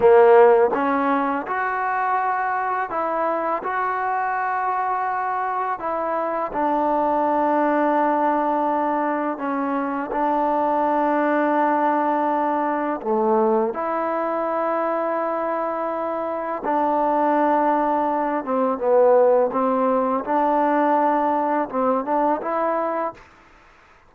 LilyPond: \new Staff \with { instrumentName = "trombone" } { \time 4/4 \tempo 4 = 83 ais4 cis'4 fis'2 | e'4 fis'2. | e'4 d'2.~ | d'4 cis'4 d'2~ |
d'2 a4 e'4~ | e'2. d'4~ | d'4. c'8 b4 c'4 | d'2 c'8 d'8 e'4 | }